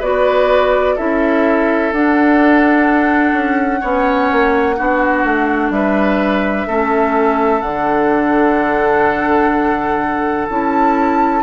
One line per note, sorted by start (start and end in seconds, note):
0.00 0.97 B3
0.00 0.98 F#4
0.00 0.95 B4
0.00 0.98 D5
0.96 1.93 C#4
0.96 1.93 E4
0.96 3.81 A4
0.96 1.93 E5
1.93 3.33 D4
1.93 3.82 D4
1.93 5.72 F#5
3.33 3.81 C#4
3.81 4.31 B3
3.81 4.77 C#4
3.81 4.76 C#5
4.32 4.80 A#3
4.77 5.25 B3
4.77 6.69 D4
4.77 5.72 F#4
5.25 5.70 A3
5.70 6.65 G3
5.70 6.68 B4
5.70 7.62 E5
6.68 7.62 A3
6.68 7.63 C#4
6.68 11.43 A4
7.62 10.48 D3
7.62 10.49 D4
7.62 10.47 F#5
10.50 11.43 C#4
10.50 11.43 E4
10.50 11.43 A5